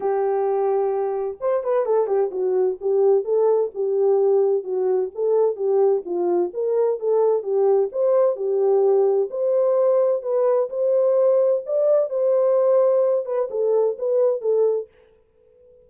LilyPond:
\new Staff \with { instrumentName = "horn" } { \time 4/4 \tempo 4 = 129 g'2. c''8 b'8 | a'8 g'8 fis'4 g'4 a'4 | g'2 fis'4 a'4 | g'4 f'4 ais'4 a'4 |
g'4 c''4 g'2 | c''2 b'4 c''4~ | c''4 d''4 c''2~ | c''8 b'8 a'4 b'4 a'4 | }